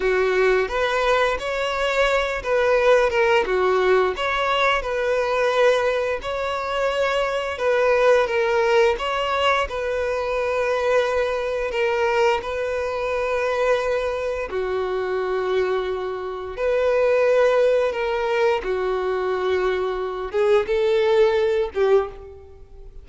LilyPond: \new Staff \with { instrumentName = "violin" } { \time 4/4 \tempo 4 = 87 fis'4 b'4 cis''4. b'8~ | b'8 ais'8 fis'4 cis''4 b'4~ | b'4 cis''2 b'4 | ais'4 cis''4 b'2~ |
b'4 ais'4 b'2~ | b'4 fis'2. | b'2 ais'4 fis'4~ | fis'4. gis'8 a'4. g'8 | }